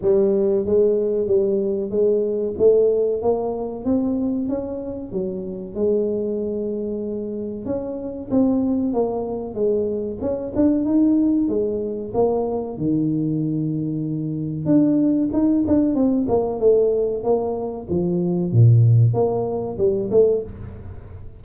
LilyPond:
\new Staff \with { instrumentName = "tuba" } { \time 4/4 \tempo 4 = 94 g4 gis4 g4 gis4 | a4 ais4 c'4 cis'4 | fis4 gis2. | cis'4 c'4 ais4 gis4 |
cis'8 d'8 dis'4 gis4 ais4 | dis2. d'4 | dis'8 d'8 c'8 ais8 a4 ais4 | f4 ais,4 ais4 g8 a8 | }